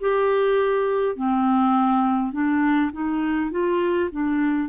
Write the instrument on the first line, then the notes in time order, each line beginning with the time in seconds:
clarinet
0.00 G4
1.16 C4
2.32 D4
2.92 D#4
3.50 F4
4.11 D4